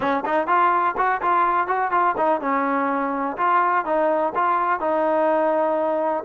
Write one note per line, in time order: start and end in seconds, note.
0.00 0.23 C#4
0.25 0.47 D#4
0.47 0.95 F4
0.97 1.21 F#4
1.21 1.67 F4
1.67 1.91 F#4
1.91 2.15 F4
2.17 2.40 D#4
2.40 3.36 C#4
3.37 3.85 F4
3.85 4.33 D#4
4.34 4.80 F4
4.80 6.24 D#4